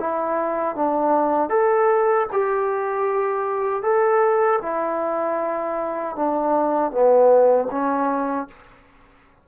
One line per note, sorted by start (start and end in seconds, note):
0.00 0.76 E4
0.76 1.50 D4
1.50 2.27 A4
2.33 3.83 G4
3.83 4.60 A4
4.62 6.16 E4
6.16 6.92 D4
6.92 7.69 B3
7.72 8.49 C#4